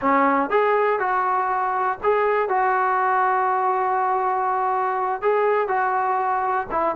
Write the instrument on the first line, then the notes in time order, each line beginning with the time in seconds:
trombone
0.01 C#4
0.50 G#4
0.99 F#4
2.03 G#4
2.48 F#4
5.21 G#4
5.68 F#4
6.71 E4